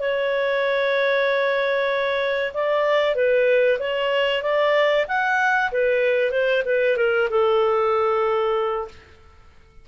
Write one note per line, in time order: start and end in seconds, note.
0.00 2.53 C#5
2.54 3.16 D5
3.16 3.79 B4
3.80 4.43 C#5
4.43 5.06 D5
5.09 5.72 F#5
5.72 6.32 B4
6.32 6.63 C5
6.66 6.97 B4
6.97 7.29 A#4
7.31 8.89 A4